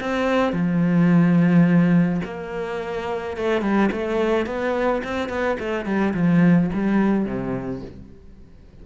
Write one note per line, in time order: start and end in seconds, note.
0.00 0.53 C4
0.53 2.21 F3
2.25 3.36 A#3
3.36 3.61 A3
3.61 3.89 G3
3.91 4.46 A3
4.46 5.02 B3
5.04 5.29 C4
5.29 5.57 B3
5.59 5.85 A3
5.85 6.13 G3
6.14 6.70 F3
6.73 7.25 G3
7.25 7.81 C3